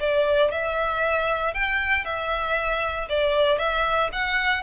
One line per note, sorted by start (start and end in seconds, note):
0.00 0.52 D5
0.52 1.54 E5
1.54 2.05 G5
2.05 3.08 E5
3.09 3.59 D5
3.59 4.11 E5
4.13 4.64 F#5